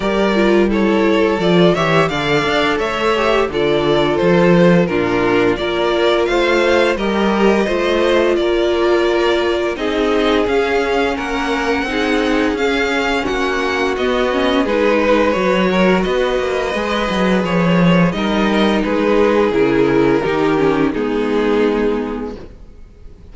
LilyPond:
<<
  \new Staff \with { instrumentName = "violin" } { \time 4/4 \tempo 4 = 86 d''4 cis''4 d''8 e''8 f''4 | e''4 d''4 c''4 ais'4 | d''4 f''4 dis''2 | d''2 dis''4 f''4 |
fis''2 f''4 fis''4 | dis''4 b'4 cis''4 dis''4~ | dis''4 cis''4 dis''4 b'4 | ais'2 gis'2 | }
  \new Staff \with { instrumentName = "violin" } { \time 4/4 ais'4 a'4. cis''8 d''4 | cis''4 a'2 f'4 | ais'4 c''4 ais'4 c''4 | ais'2 gis'2 |
ais'4 gis'2 fis'4~ | fis'4 gis'8 b'4 ais'8 b'4~ | b'2 ais'4 gis'4~ | gis'4 g'4 dis'2 | }
  \new Staff \with { instrumentName = "viola" } { \time 4/4 g'8 f'8 e'4 f'8 g'8 a'4~ | a'8 g'8 f'2 d'4 | f'2 g'4 f'4~ | f'2 dis'4 cis'4~ |
cis'4 dis'4 cis'2 | b8 cis'8 dis'4 fis'2 | gis'2 dis'2 | e'4 dis'8 cis'8 b2 | }
  \new Staff \with { instrumentName = "cello" } { \time 4/4 g2 f8 e8 d8 d'8 | a4 d4 f4 ais,4 | ais4 a4 g4 a4 | ais2 c'4 cis'4 |
ais4 c'4 cis'4 ais4 | b4 gis4 fis4 b8 ais8 | gis8 fis8 f4 g4 gis4 | cis4 dis4 gis2 | }
>>